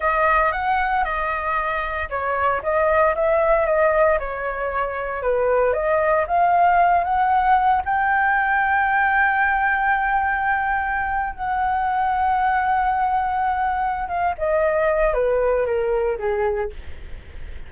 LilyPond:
\new Staff \with { instrumentName = "flute" } { \time 4/4 \tempo 4 = 115 dis''4 fis''4 dis''2 | cis''4 dis''4 e''4 dis''4 | cis''2 b'4 dis''4 | f''4. fis''4. g''4~ |
g''1~ | g''4.~ g''16 fis''2~ fis''16~ | fis''2. f''8 dis''8~ | dis''4 b'4 ais'4 gis'4 | }